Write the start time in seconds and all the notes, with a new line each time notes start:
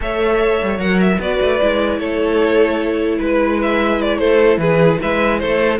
0.00 A3 A4 C#5 E5
0.62 G3
0.78 F#3 A#4 F#5
1.01 E5
1.19 B3 F#4 B4 D5
1.40 A3
1.61 G#3 E4
1.99 A3 A4 C#5
3.18 G#3 B4
3.61 E5
4.01 D5
4.18 A3 A4 C5
4.57 E3 G#4 B4
5.00 G#3 B4 E5
5.39 A3 A4 C5